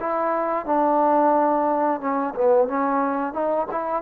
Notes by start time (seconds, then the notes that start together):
0.00 E4
0.65 D4
2.00 C#4
2.35 B3
2.68 C#4
3.33 D#4
3.71 E4